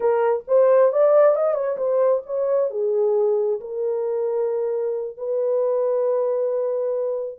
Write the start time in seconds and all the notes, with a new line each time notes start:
0.00 A#4
0.47 C5
0.92 D5
1.35 D#5
1.54 C#5
1.77 C5
2.26 C#5
2.70 G#4
3.60 A#4
5.17 B4